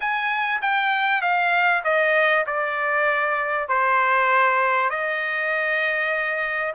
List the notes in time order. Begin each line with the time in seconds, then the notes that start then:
0.00 G#5
0.61 G5
1.21 F5
1.83 D#5
2.46 D5
3.68 C5
4.90 D#5